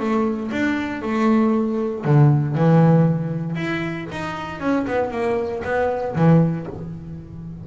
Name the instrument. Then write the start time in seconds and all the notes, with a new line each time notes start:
double bass
0.00 A3
0.52 D4
1.02 A3
2.05 D3
2.56 E3
3.56 E4
4.12 D#4
4.61 C#4
4.87 B3
5.12 A#3
5.64 B3
6.16 E3